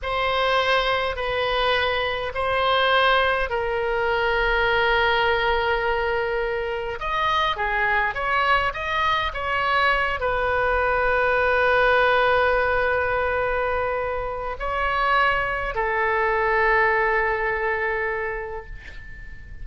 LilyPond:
\new Staff \with { instrumentName = "oboe" } { \time 4/4 \tempo 4 = 103 c''2 b'2 | c''2 ais'2~ | ais'1 | dis''4 gis'4 cis''4 dis''4 |
cis''4. b'2~ b'8~ | b'1~ | b'4 cis''2 a'4~ | a'1 | }